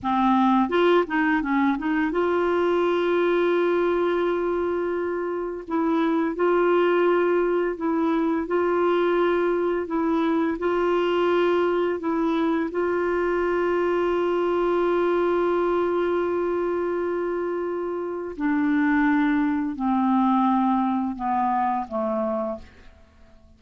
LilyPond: \new Staff \with { instrumentName = "clarinet" } { \time 4/4 \tempo 4 = 85 c'4 f'8 dis'8 cis'8 dis'8 f'4~ | f'1 | e'4 f'2 e'4 | f'2 e'4 f'4~ |
f'4 e'4 f'2~ | f'1~ | f'2 d'2 | c'2 b4 a4 | }